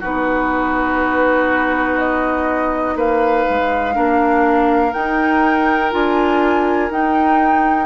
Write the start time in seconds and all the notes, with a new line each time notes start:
0.00 B3 D#4 F#4 B4
1.99 D#5
2.96 A#3 B4 F5
3.50 G#3
3.94 A#3 D4 A#4
4.93 D#4 G5
5.91 D4 F4 G#5
6.90 D#4 G5